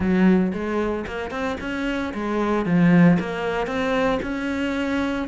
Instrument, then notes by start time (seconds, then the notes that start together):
cello
0.00 F#3
0.53 G#3
1.06 A#3
1.30 C4
1.60 C#4
2.13 G#3
2.65 F3
3.19 A#3
3.66 C4
4.22 C#4